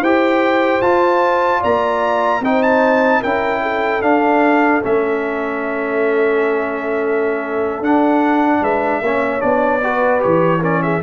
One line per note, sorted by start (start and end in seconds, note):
0.00 0.81 E4
0.00 0.83 G4
0.00 1.60 C5
0.00 0.82 G5
0.81 1.61 F4
0.81 2.43 F4
0.81 1.62 A5
1.60 2.41 A#3
1.60 2.40 D5
1.60 2.44 A#5
2.41 3.21 C4
2.41 3.24 D#4
2.41 3.21 C5
2.41 2.62 G5
2.62 3.22 A5
3.21 4.02 C#4
3.21 4.02 E4
3.21 3.61 A#4
3.21 4.02 G5
3.62 8.61 A4
4.02 4.82 D4
4.02 4.82 F5
4.83 7.81 A3
4.83 7.83 C#4
4.83 7.84 E5
7.81 8.61 D4
7.81 9.03 D4
7.81 8.63 F#5
8.61 9.01 G#3
8.61 9.01 B4
8.61 9.41 E5
9.01 9.41 A#3
9.01 9.40 C#4
9.01 9.84 C#5
9.40 10.23 B3
9.40 9.80 D4
9.40 10.21 D5
9.83 10.20 F#4
9.83 10.61 B4
10.20 11.03 E3
10.20 10.60 G4
10.20 10.62 C#5
10.61 11.02 C#4
10.61 10.81 A#4
10.61 10.82 D5
10.82 11.03 G#4
10.82 11.02 E5